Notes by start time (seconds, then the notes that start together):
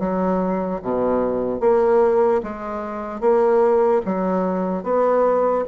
0.00 F#3
0.83 B2
1.61 A#3
2.44 G#3
3.21 A#3
4.06 F#3
4.84 B3